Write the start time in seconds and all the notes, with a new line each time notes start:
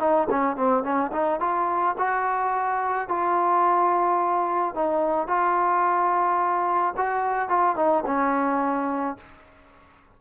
0.00 D#4
0.30 C#4
0.57 C4
0.84 C#4
1.12 D#4
1.40 F4
1.98 F#4
3.09 F4
4.75 D#4
5.28 F4
6.97 F#4
7.49 F4
7.76 D#4
8.06 C#4